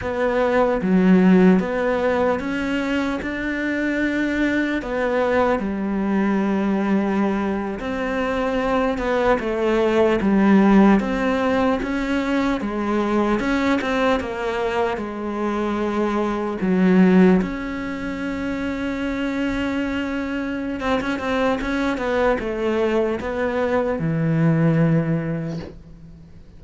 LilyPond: \new Staff \with { instrumentName = "cello" } { \time 4/4 \tempo 4 = 75 b4 fis4 b4 cis'4 | d'2 b4 g4~ | g4.~ g16 c'4. b8 a16~ | a8. g4 c'4 cis'4 gis16~ |
gis8. cis'8 c'8 ais4 gis4~ gis16~ | gis8. fis4 cis'2~ cis'16~ | cis'2 c'16 cis'16 c'8 cis'8 b8 | a4 b4 e2 | }